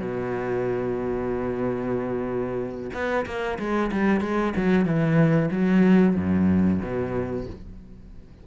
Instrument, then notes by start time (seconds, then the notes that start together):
cello
0.00 B2
2.94 B3
3.26 A#3
3.59 G#3
3.92 G3
4.21 G#3
4.57 F#3
4.85 E3
5.52 F#3
6.16 F#2
6.82 B2